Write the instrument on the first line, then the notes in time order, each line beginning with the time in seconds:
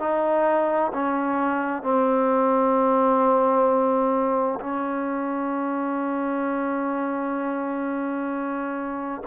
trombone
0.00 D#4
0.94 C#4
1.83 C4
4.61 C#4